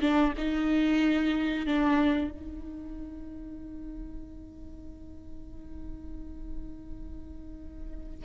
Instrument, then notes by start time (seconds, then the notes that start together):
viola
0.00 D4
0.37 D#4
1.66 D4
2.31 D#4